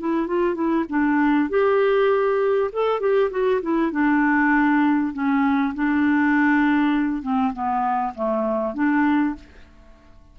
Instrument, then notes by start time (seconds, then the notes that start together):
clarinet
0.00 E4
0.27 F4
0.55 E4
0.89 D4
1.49 G4
2.72 A4
3.00 G4
3.31 F#4
3.62 E4
3.92 D4
5.13 C#4
5.75 D4
7.23 C4
7.53 B3
8.15 A3
8.74 D4